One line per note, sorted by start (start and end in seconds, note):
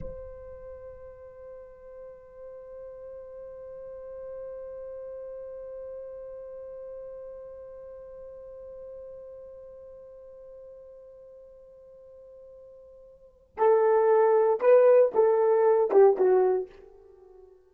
0.00 13.56 C5
13.57 14.60 A4
14.60 15.12 B4
15.14 15.91 A4
15.91 16.17 G4
16.17 16.69 F#4